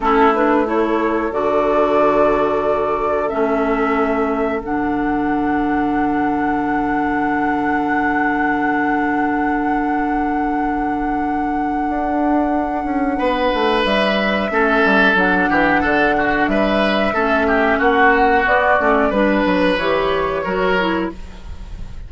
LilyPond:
<<
  \new Staff \with { instrumentName = "flute" } { \time 4/4 \tempo 4 = 91 a'8 b'8 cis''4 d''2~ | d''4 e''2 fis''4~ | fis''1~ | fis''1~ |
fis''1~ | fis''4 e''2 fis''4~ | fis''4 e''2 fis''4 | d''4 b'4 cis''2 | }
  \new Staff \with { instrumentName = "oboe" } { \time 4/4 e'4 a'2.~ | a'1~ | a'1~ | a'1~ |
a'1 | b'2 a'4. g'8 | a'8 fis'8 b'4 a'8 g'8 fis'4~ | fis'4 b'2 ais'4 | }
  \new Staff \with { instrumentName = "clarinet" } { \time 4/4 cis'8 d'8 e'4 fis'2~ | fis'4 cis'2 d'4~ | d'1~ | d'1~ |
d'1~ | d'2 cis'4 d'4~ | d'2 cis'2 | b8 cis'8 d'4 g'4 fis'8 e'8 | }
  \new Staff \with { instrumentName = "bassoon" } { \time 4/4 a2 d2~ | d4 a2 d4~ | d1~ | d1~ |
d2 d'4. cis'8 | b8 a8 g4 a8 g8 fis8 e8 | d4 g4 a4 ais4 | b8 a8 g8 fis8 e4 fis4 | }
>>